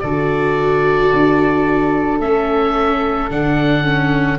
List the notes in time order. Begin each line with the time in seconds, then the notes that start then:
0.00 D3 F#4 A4 D5
1.13 D4
2.19 A3 C#4 E5
3.30 D3 D4 F#5
3.84 C#4